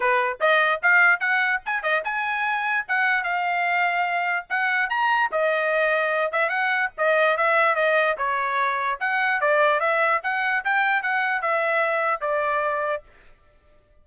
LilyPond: \new Staff \with { instrumentName = "trumpet" } { \time 4/4 \tempo 4 = 147 b'4 dis''4 f''4 fis''4 | gis''8 dis''8 gis''2 fis''4 | f''2. fis''4 | ais''4 dis''2~ dis''8 e''8 |
fis''4 dis''4 e''4 dis''4 | cis''2 fis''4 d''4 | e''4 fis''4 g''4 fis''4 | e''2 d''2 | }